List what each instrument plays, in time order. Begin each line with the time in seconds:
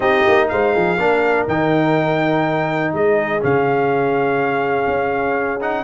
0.00 tuba C4, trombone D#4, horn G4, trumpet D#5
0.27 tuba A#3
0.48 tuba G#3, horn C5, trumpet F5
0.74 tuba F3, horn G#4
0.96 tuba A#3, trombone D4, horn A#4
1.47 tuba D#3, trombone D#4, trumpet G5
2.93 tuba G#3, horn G#4, trumpet D#5
3.40 tuba C#3, trombone C#4, trumpet F5
4.87 tuba C#4
5.60 trombone D#4, trumpet F#5